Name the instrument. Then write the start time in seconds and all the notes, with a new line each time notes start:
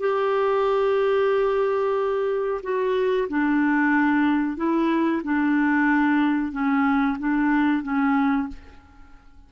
clarinet
0.00 G4
2.63 F#4
3.29 D4
4.57 E4
5.23 D4
6.52 C#4
7.19 D4
7.83 C#4